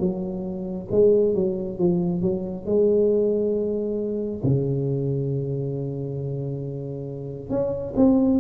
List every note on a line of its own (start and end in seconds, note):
0.00 0.88 F#3
0.91 1.35 G#3
1.35 1.79 F#3
1.79 2.22 F3
2.22 2.66 F#3
2.66 4.43 G#3
4.44 7.50 C#3
7.50 7.94 C#4
7.97 8.41 C4